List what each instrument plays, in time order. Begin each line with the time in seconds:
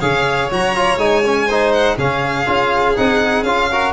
0.00 tuba C#3, trombone G#4, violin C#5 F5
0.51 tuba F#3, trombone F#4, violin A#5
0.75 trombone F4
0.97 tuba G#3, trombone D#4, violin G#5
1.24 trombone C#4
1.47 trombone D#4, violin C5
1.73 violin F#5
1.97 tuba C#3, trombone C#4, violin G#4 F5
2.46 tuba C#4, trombone F4
2.96 tuba C4, trombone D#4, violin F#5
3.43 tuba C#4, trombone F4, violin F5
3.71 trombone F#4, violin A#4